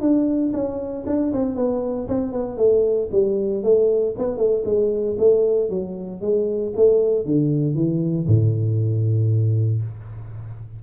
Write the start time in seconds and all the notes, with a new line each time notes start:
0.00 D4
0.53 C#4
1.06 D4
1.32 C4
1.55 B3
2.08 C4
2.32 B3
2.57 A3
3.11 G3
3.63 A3
4.18 B3
4.37 A3
4.65 G#3
5.18 A3
5.69 F#3
6.21 G#3
6.75 A3
7.25 D3
7.74 E3
8.27 A2